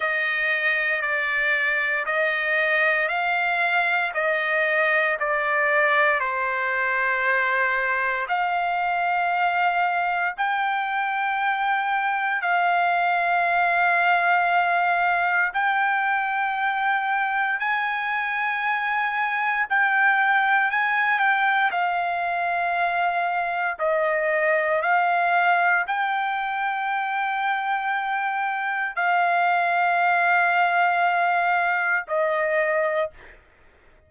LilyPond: \new Staff \with { instrumentName = "trumpet" } { \time 4/4 \tempo 4 = 58 dis''4 d''4 dis''4 f''4 | dis''4 d''4 c''2 | f''2 g''2 | f''2. g''4~ |
g''4 gis''2 g''4 | gis''8 g''8 f''2 dis''4 | f''4 g''2. | f''2. dis''4 | }